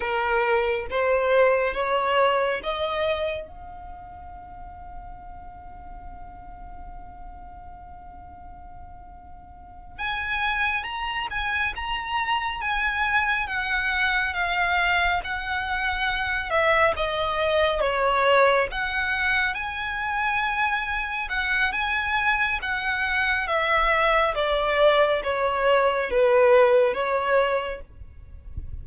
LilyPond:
\new Staff \with { instrumentName = "violin" } { \time 4/4 \tempo 4 = 69 ais'4 c''4 cis''4 dis''4 | f''1~ | f''2.~ f''8 gis''8~ | gis''8 ais''8 gis''8 ais''4 gis''4 fis''8~ |
fis''8 f''4 fis''4. e''8 dis''8~ | dis''8 cis''4 fis''4 gis''4.~ | gis''8 fis''8 gis''4 fis''4 e''4 | d''4 cis''4 b'4 cis''4 | }